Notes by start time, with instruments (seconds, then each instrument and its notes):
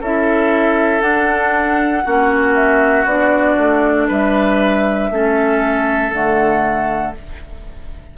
0.00 bassoon C#4, clarinet E4, oboe A4, flute E5
1.01 clarinet D4, bassoon D4, flute F#5
2.04 bassoon A#3, clarinet C#4, oboe F#4
2.54 flute E5
3.04 bassoon B3, clarinet D4, flute D5
3.58 bassoon A3
4.08 bassoon G3, oboe B4, flute E5
5.10 bassoon A3, clarinet C#4, oboe A4
6.11 bassoon D3, clarinet A3, flute F#5